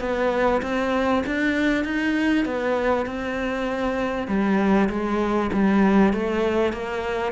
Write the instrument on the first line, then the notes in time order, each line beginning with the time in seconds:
cello
0.00 B3
0.62 C4
1.26 D4
1.84 D#4
2.45 B3
3.06 C4
4.27 G3
4.89 G#3
5.52 G3
6.13 A3
6.72 A#3